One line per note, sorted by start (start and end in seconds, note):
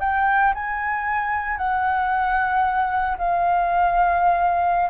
0.00 0.53 G5
0.54 1.58 G#5
1.58 3.17 F#5
3.18 4.90 F5